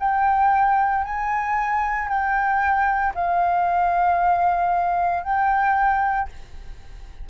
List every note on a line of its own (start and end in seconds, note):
0.00 1.04 G5
1.04 2.09 G#5
2.09 3.14 G5
3.15 5.24 F5
5.24 6.29 G5